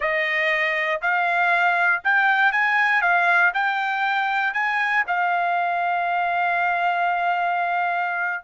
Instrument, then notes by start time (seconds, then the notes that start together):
trumpet
0.00 D#5
1.01 F5
2.04 G5
2.52 G#5
3.01 F5
3.54 G5
4.53 G#5
5.07 F5